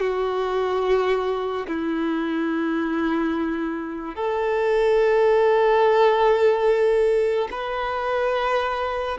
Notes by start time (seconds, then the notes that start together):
0.00 F#4
1.67 E4
4.15 A4
7.51 B4